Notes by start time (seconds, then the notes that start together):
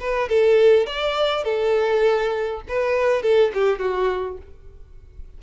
0.00 B4
0.29 A4
0.87 D5
1.44 A4
2.68 B4
3.22 A4
3.54 G4
3.79 F#4